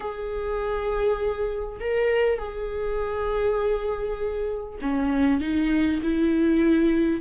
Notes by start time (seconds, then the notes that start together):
0.00 G#4
1.79 A#4
2.38 G#4
4.81 C#4
5.40 D#4
6.02 E4